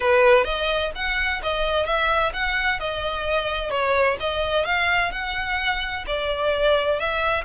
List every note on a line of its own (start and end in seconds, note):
0.00 0.44 B4
0.44 0.91 D#5
0.95 1.41 F#5
1.42 1.86 D#5
1.86 2.32 E5
2.33 2.79 F#5
2.79 3.70 D#5
3.70 4.17 C#5
4.20 4.65 D#5
4.65 5.11 F5
5.11 6.04 F#5
6.07 6.99 D5
6.99 7.44 E5